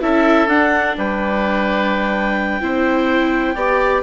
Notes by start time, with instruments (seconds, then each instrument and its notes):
0.00 bassoon C#4, viola E4, oboe A4, clarinet E5
0.47 bassoon D4, viola D4, clarinet F#5
0.97 bassoon G3, oboe B4, clarinet G5
2.60 bassoon C4, viola E4, oboe C5
3.54 bassoon B3, viola G4, oboe D5